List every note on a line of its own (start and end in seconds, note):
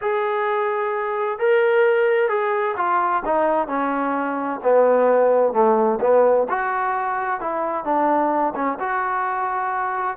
0.01 1.38 G#4
1.38 2.29 A#4
2.29 2.75 G#4
2.76 3.22 F4
3.25 3.67 D#4
3.67 4.60 C#4
4.63 5.53 B3
5.53 5.99 A3
6.00 6.47 B3
6.49 7.40 F#4
7.40 7.84 E4
7.84 8.53 D4
8.55 8.78 C#4
8.79 10.17 F#4